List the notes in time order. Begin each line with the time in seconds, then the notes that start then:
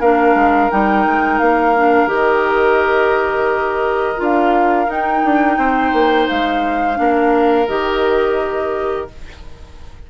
0.00 A#3 D4 A#4 F5
0.35 G#3
0.71 G3 D#4 G5
1.07 G#3
1.39 A#3 F5
1.77 D4
2.06 D#3 G4
2.13 D#5
4.17 D4 F4 F5
4.88 D#4 G5
5.24 D4
5.58 C4 C5
5.93 A#3
6.29 G#3 F5
6.96 A#3 D4 A#4
7.68 D#3 G4 D#5